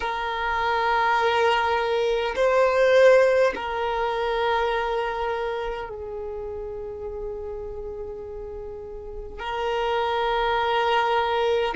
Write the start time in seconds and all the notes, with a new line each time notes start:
0.00 A#4
2.35 C5
3.55 A#4
5.89 G#4
9.39 A#4